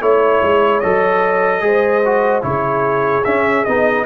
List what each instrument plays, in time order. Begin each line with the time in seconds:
0.00 tuba A3, trombone E4, horn C#5, trumpet C#5
0.42 tuba G#3
0.80 tuba F#3, trombone A4, trumpet D#5
1.60 tuba G#3, trombone G#4, horn C5
2.05 trombone F#4
2.42 tuba C#3, trombone E4, horn G#4, trumpet C#5
3.24 tuba C#4, trombone C#4, trumpet E5
3.65 tuba B3, trombone D#4, trumpet D#5